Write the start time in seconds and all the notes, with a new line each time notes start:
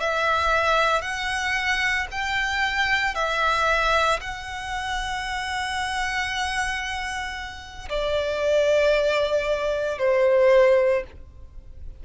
0.00 E5
1.02 F#5
2.11 G5
3.15 E5
4.21 F#5
7.89 D5
9.99 C5